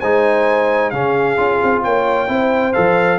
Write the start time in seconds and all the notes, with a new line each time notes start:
0.00 G#3 D#4 C5 G#5
0.90 C#3 C#4 G#4 F5
1.37 C#4 F4
1.63 C4
1.83 A#3 C#5 G5
2.27 C4 E4 C5
2.73 F3 A4 F5